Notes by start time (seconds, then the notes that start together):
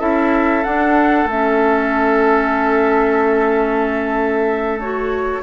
0.00 C#4 E4 A4 E5
0.64 D4 F#5
1.25 A3 C#4 E5
4.80 F#4 C#5